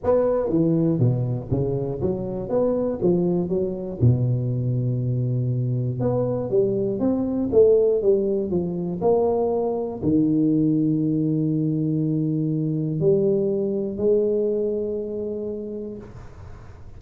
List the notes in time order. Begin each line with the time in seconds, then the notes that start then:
0.03 B3
0.49 E3
0.99 B2
1.50 C#3
2.01 F#3
2.49 B3
3.02 F3
3.49 F#3
4.00 B2
6.00 B3
6.50 G3
6.99 C4
7.52 A3
8.02 G3
8.50 F3
9.01 A#3
10.02 D#3
13.00 G3
13.97 G#3